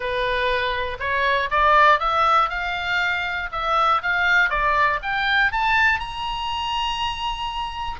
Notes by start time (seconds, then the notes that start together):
0.00 B4
0.99 C#5
1.50 D5
1.99 E5
2.49 F5
3.52 E5
4.02 F5
4.49 D5
5.02 G5
5.52 A5
5.99 A#5